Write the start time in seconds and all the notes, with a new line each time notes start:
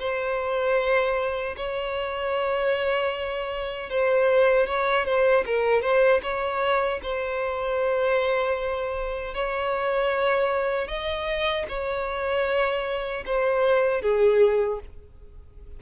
0.00 C5
1.57 C#5
3.90 C5
4.67 C#5
5.05 C5
5.46 A#4
5.82 C5
6.23 C#5
7.03 C5
9.35 C#5
10.88 D#5
11.69 C#5
13.26 C5
14.02 G#4